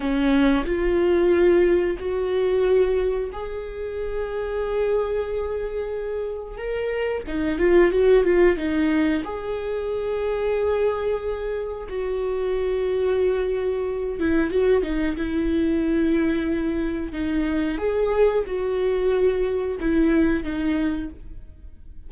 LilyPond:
\new Staff \with { instrumentName = "viola" } { \time 4/4 \tempo 4 = 91 cis'4 f'2 fis'4~ | fis'4 gis'2.~ | gis'2 ais'4 dis'8 f'8 | fis'8 f'8 dis'4 gis'2~ |
gis'2 fis'2~ | fis'4. e'8 fis'8 dis'8 e'4~ | e'2 dis'4 gis'4 | fis'2 e'4 dis'4 | }